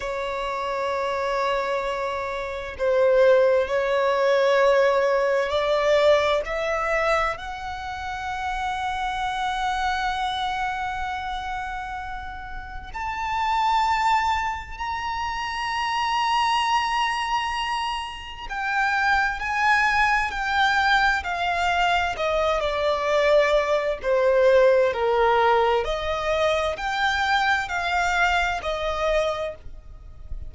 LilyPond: \new Staff \with { instrumentName = "violin" } { \time 4/4 \tempo 4 = 65 cis''2. c''4 | cis''2 d''4 e''4 | fis''1~ | fis''2 a''2 |
ais''1 | g''4 gis''4 g''4 f''4 | dis''8 d''4. c''4 ais'4 | dis''4 g''4 f''4 dis''4 | }